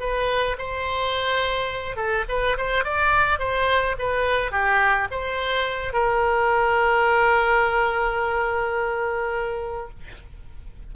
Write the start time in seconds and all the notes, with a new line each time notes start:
0.00 B4
0.58 C5
1.96 A4
2.29 B4
2.58 C5
2.84 D5
3.39 C5
3.99 B4
4.51 G4
5.11 C5
5.93 A#4